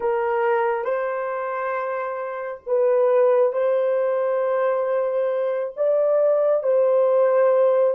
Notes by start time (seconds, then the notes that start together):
0.00 A#4
0.84 C5
2.66 B4
3.53 C5
5.76 D5
6.63 C5